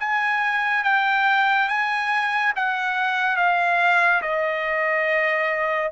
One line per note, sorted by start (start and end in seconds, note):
0.00 0.85 G#5
0.85 1.69 G5
1.69 2.54 G#5
2.56 3.37 F#5
3.37 4.22 F5
4.22 5.91 D#5